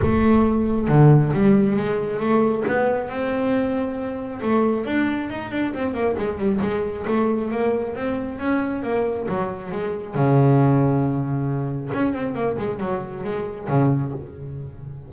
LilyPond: \new Staff \with { instrumentName = "double bass" } { \time 4/4 \tempo 4 = 136 a2 d4 g4 | gis4 a4 b4 c'4~ | c'2 a4 d'4 | dis'8 d'8 c'8 ais8 gis8 g8 gis4 |
a4 ais4 c'4 cis'4 | ais4 fis4 gis4 cis4~ | cis2. cis'8 c'8 | ais8 gis8 fis4 gis4 cis4 | }